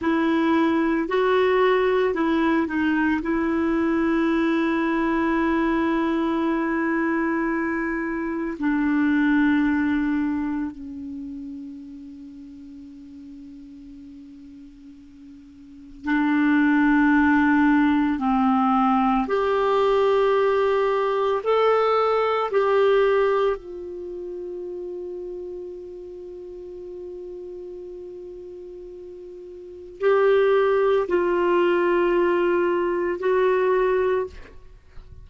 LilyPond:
\new Staff \with { instrumentName = "clarinet" } { \time 4/4 \tempo 4 = 56 e'4 fis'4 e'8 dis'8 e'4~ | e'1 | d'2 cis'2~ | cis'2. d'4~ |
d'4 c'4 g'2 | a'4 g'4 f'2~ | f'1 | g'4 f'2 fis'4 | }